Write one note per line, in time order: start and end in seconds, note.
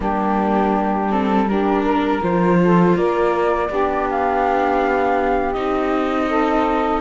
0.00 2.20 G3
0.00 1.08 A#3
0.00 1.46 D4
0.00 1.11 G4
1.10 1.48 C4
1.10 1.48 A4
1.48 2.21 D4
1.48 1.84 G4
1.48 2.22 A#4
1.84 2.58 A#4
2.21 2.95 F3
2.21 3.69 F4
2.21 2.97 C5
2.63 2.96 A4
2.95 3.69 A#3
2.95 3.69 A#4
2.95 4.08 D5
3.69 5.55 B3
3.69 5.54 D4
3.69 6.28 G4
4.10 5.52 F5
5.52 7.01 C4
5.52 7.01 D#4
5.52 7.00 D#5
6.28 7.01 A4